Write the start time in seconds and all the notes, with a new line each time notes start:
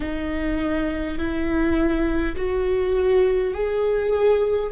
0.00 D#4
1.18 E4
2.36 F#4
3.53 G#4